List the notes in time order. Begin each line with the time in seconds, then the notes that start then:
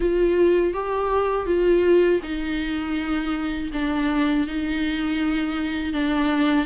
0.00 F4
0.73 G4
1.46 F4
2.22 D#4
3.72 D4
4.47 D#4
5.93 D4